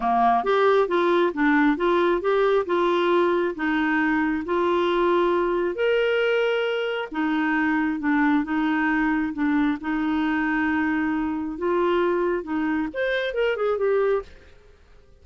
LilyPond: \new Staff \with { instrumentName = "clarinet" } { \time 4/4 \tempo 4 = 135 ais4 g'4 f'4 d'4 | f'4 g'4 f'2 | dis'2 f'2~ | f'4 ais'2. |
dis'2 d'4 dis'4~ | dis'4 d'4 dis'2~ | dis'2 f'2 | dis'4 c''4 ais'8 gis'8 g'4 | }